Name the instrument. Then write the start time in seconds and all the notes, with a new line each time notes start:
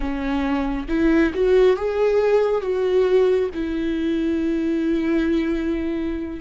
viola
0.00 C#4
0.88 E4
1.34 F#4
1.76 G#4
2.61 F#4
3.53 E4